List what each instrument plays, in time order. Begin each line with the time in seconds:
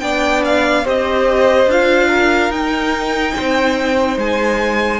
0.00 cello B3, viola D4, violin D5 G5
0.44 violin F5
0.83 cello C4, viola G4, violin C5 D#5
1.66 cello D4, viola F4, violin F5
2.07 violin A#4
2.49 cello D#4, viola D#4, violin G5
3.36 cello C4, violin C5
4.17 cello G#3, violin G#5